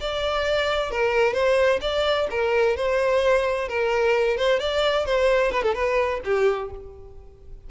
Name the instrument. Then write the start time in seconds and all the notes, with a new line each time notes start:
violin
0.00 D5
0.91 A#4
1.33 C5
1.81 D5
2.30 A#4
2.76 C5
3.68 A#4
4.37 C5
4.59 D5
5.05 C5
5.51 B4
5.63 A4
5.74 B4
6.24 G4